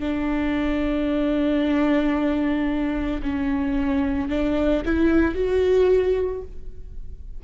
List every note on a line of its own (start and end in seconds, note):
0.00 3.21 D4
3.22 4.30 C#4
4.30 4.83 D4
4.86 5.35 E4
5.35 6.42 F#4